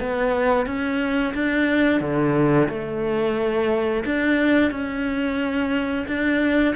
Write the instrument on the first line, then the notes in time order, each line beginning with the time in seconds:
cello
0.00 B3
0.66 C#4
1.34 D4
2.01 D3
2.69 A3
4.06 D4
4.71 C#4
6.07 D4